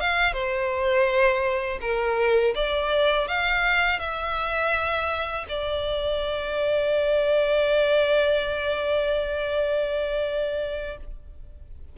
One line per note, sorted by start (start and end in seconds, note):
0.00 0.33 F5
0.33 1.79 C5
1.81 2.54 A#4
2.55 3.28 D5
3.28 3.99 F5
3.99 5.46 E5
5.49 10.98 D5